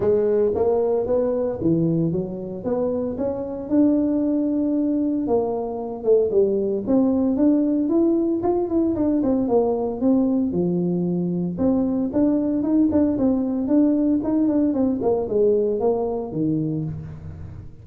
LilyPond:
\new Staff \with { instrumentName = "tuba" } { \time 4/4 \tempo 4 = 114 gis4 ais4 b4 e4 | fis4 b4 cis'4 d'4~ | d'2 ais4. a8 | g4 c'4 d'4 e'4 |
f'8 e'8 d'8 c'8 ais4 c'4 | f2 c'4 d'4 | dis'8 d'8 c'4 d'4 dis'8 d'8 | c'8 ais8 gis4 ais4 dis4 | }